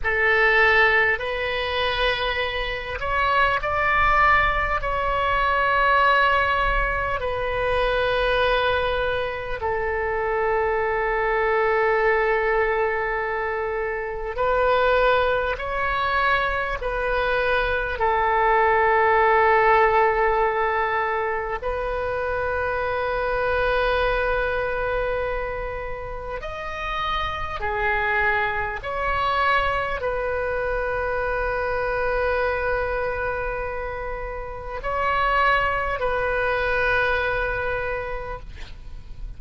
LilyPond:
\new Staff \with { instrumentName = "oboe" } { \time 4/4 \tempo 4 = 50 a'4 b'4. cis''8 d''4 | cis''2 b'2 | a'1 | b'4 cis''4 b'4 a'4~ |
a'2 b'2~ | b'2 dis''4 gis'4 | cis''4 b'2.~ | b'4 cis''4 b'2 | }